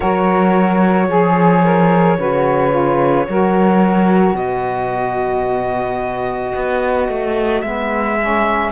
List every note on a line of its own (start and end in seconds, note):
0.00 1.08 F#3
0.00 1.08 F#4
0.00 1.07 A#4
0.00 4.36 C#5
1.08 2.17 F3
1.08 2.17 G#4
1.08 1.63 G#4
1.63 2.17 A#4
2.18 3.27 C#3
2.18 2.70 F#4
2.18 3.27 B4
2.70 3.24 F4
3.29 4.33 F#3
3.29 7.64 F#4
3.29 4.37 A#4
4.33 6.52 B2
4.33 8.72 B4
4.33 7.61 D#5
6.55 7.08 B3
7.08 7.62 A3
7.61 8.71 G#3
7.61 8.18 B3
7.61 8.70 E5
8.19 8.72 C#4